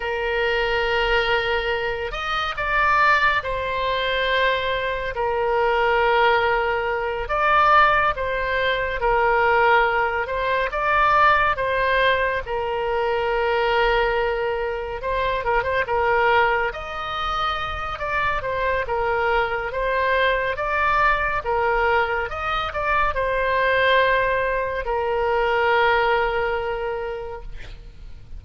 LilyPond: \new Staff \with { instrumentName = "oboe" } { \time 4/4 \tempo 4 = 70 ais'2~ ais'8 dis''8 d''4 | c''2 ais'2~ | ais'8 d''4 c''4 ais'4. | c''8 d''4 c''4 ais'4.~ |
ais'4. c''8 ais'16 c''16 ais'4 dis''8~ | dis''4 d''8 c''8 ais'4 c''4 | d''4 ais'4 dis''8 d''8 c''4~ | c''4 ais'2. | }